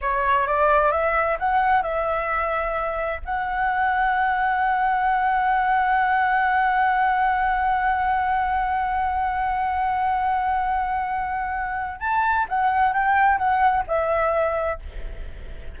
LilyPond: \new Staff \with { instrumentName = "flute" } { \time 4/4 \tempo 4 = 130 cis''4 d''4 e''4 fis''4 | e''2. fis''4~ | fis''1~ | fis''1~ |
fis''1~ | fis''1~ | fis''2 a''4 fis''4 | g''4 fis''4 e''2 | }